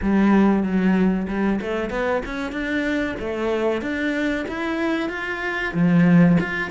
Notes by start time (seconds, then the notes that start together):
0.02 G3
0.62 F#3
1.28 G3
1.61 A3
1.89 B3
2.25 C#4
2.52 D4
3.19 A3
3.81 D4
4.48 E4
5.09 F4
5.73 F3
6.40 F4